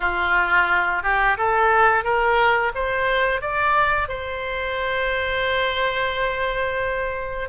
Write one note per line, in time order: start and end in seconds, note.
0.00 1.02 F4
1.03 1.37 G4
1.37 2.04 A4
2.04 2.72 A#4
2.75 3.41 C5
3.41 4.08 D5
4.08 7.49 C5